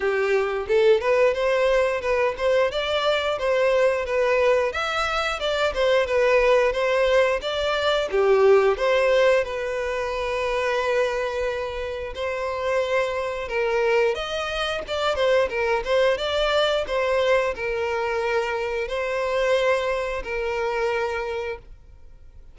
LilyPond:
\new Staff \with { instrumentName = "violin" } { \time 4/4 \tempo 4 = 89 g'4 a'8 b'8 c''4 b'8 c''8 | d''4 c''4 b'4 e''4 | d''8 c''8 b'4 c''4 d''4 | g'4 c''4 b'2~ |
b'2 c''2 | ais'4 dis''4 d''8 c''8 ais'8 c''8 | d''4 c''4 ais'2 | c''2 ais'2 | }